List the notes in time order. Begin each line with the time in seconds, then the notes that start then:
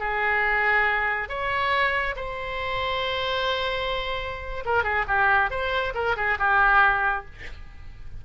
0.00 G#4
1.29 C#5
2.16 C5
4.65 A#4
4.84 G#4
5.08 G4
5.51 C5
5.95 A#4
6.16 G#4
6.39 G4